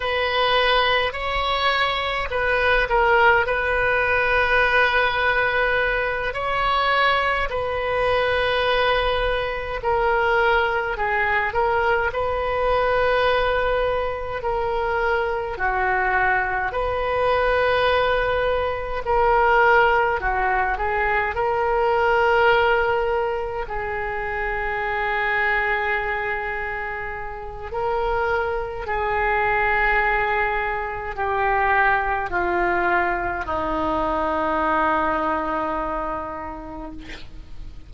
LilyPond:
\new Staff \with { instrumentName = "oboe" } { \time 4/4 \tempo 4 = 52 b'4 cis''4 b'8 ais'8 b'4~ | b'4. cis''4 b'4.~ | b'8 ais'4 gis'8 ais'8 b'4.~ | b'8 ais'4 fis'4 b'4.~ |
b'8 ais'4 fis'8 gis'8 ais'4.~ | ais'8 gis'2.~ gis'8 | ais'4 gis'2 g'4 | f'4 dis'2. | }